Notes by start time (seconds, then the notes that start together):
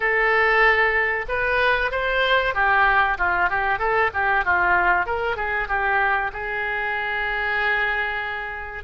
0.00 A4
1.28 B4
1.91 C5
2.54 G4
3.18 F4
3.49 G4
3.78 A4
4.13 G4
4.44 F4
5.06 A#4
5.36 G#4
5.68 G4
6.32 G#4